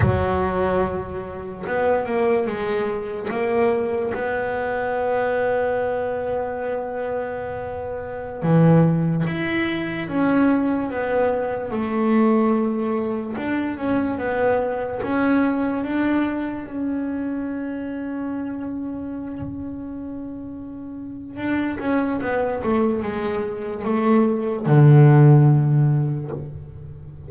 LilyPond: \new Staff \with { instrumentName = "double bass" } { \time 4/4 \tempo 4 = 73 fis2 b8 ais8 gis4 | ais4 b2.~ | b2~ b16 e4 e'8.~ | e'16 cis'4 b4 a4.~ a16~ |
a16 d'8 cis'8 b4 cis'4 d'8.~ | d'16 cis'2.~ cis'8.~ | cis'2 d'8 cis'8 b8 a8 | gis4 a4 d2 | }